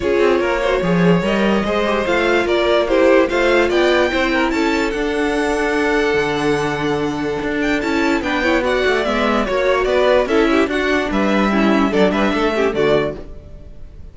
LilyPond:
<<
  \new Staff \with { instrumentName = "violin" } { \time 4/4 \tempo 4 = 146 cis''2. dis''4~ | dis''4 f''4 d''4 c''4 | f''4 g''2 a''4 | fis''1~ |
fis''2~ fis''8 g''8 a''4 | g''4 fis''4 e''4 cis''4 | d''4 e''4 fis''4 e''4~ | e''4 d''8 e''4. d''4 | }
  \new Staff \with { instrumentName = "violin" } { \time 4/4 gis'4 ais'8 c''8 cis''2 | c''2 ais'4 g'4 | c''4 d''4 c''8 ais'8 a'4~ | a'1~ |
a'1 | b'8 cis''8 d''2 cis''4 | b'4 a'8 g'8 fis'4 b'4 | e'4 a'8 b'8 a'8 g'8 fis'4 | }
  \new Staff \with { instrumentName = "viola" } { \time 4/4 f'4. fis'8 gis'4 ais'4 | gis'8 g'8 f'2 e'4 | f'2 e'2 | d'1~ |
d'2. e'4 | d'8 e'8 fis'4 b4 fis'4~ | fis'4 e'4 d'2 | cis'4 d'4. cis'8 a4 | }
  \new Staff \with { instrumentName = "cello" } { \time 4/4 cis'8 c'8 ais4 f4 g4 | gis4 a4 ais2 | a4 b4 c'4 cis'4 | d'2. d4~ |
d2 d'4 cis'4 | b4. a8 gis4 ais4 | b4 cis'4 d'4 g4~ | g4 fis8 g8 a4 d4 | }
>>